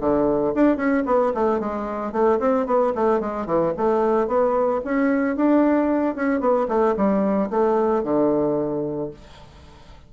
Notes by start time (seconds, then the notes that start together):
0.00 D3
0.54 D4
0.76 C#4
1.06 B3
1.34 A3
1.59 G#3
2.12 A3
2.39 C4
2.66 B3
2.95 A3
3.20 G#3
3.46 E3
3.77 A3
4.27 B3
4.85 C#4
5.36 D4
6.15 C#4
6.40 B3
6.68 A3
6.96 G3
7.50 A3
8.03 D3